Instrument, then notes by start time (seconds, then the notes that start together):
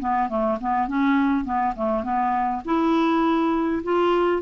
clarinet
0.00 B3
0.29 A3
0.61 B3
0.88 C#4
1.45 B3
1.76 A3
2.04 B3
2.66 E4
3.84 F4